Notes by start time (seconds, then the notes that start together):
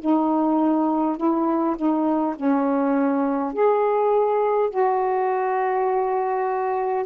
0.00 D#4
1.17 E4
1.76 D#4
2.36 C#4
3.53 G#4
4.70 F#4